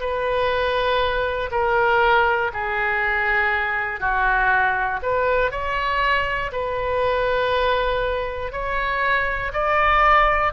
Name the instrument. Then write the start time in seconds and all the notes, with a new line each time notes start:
oboe
0.00 B4
1.51 A#4
2.53 G#4
4.00 F#4
5.02 B4
5.51 C#5
6.52 B4
8.52 C#5
9.53 D5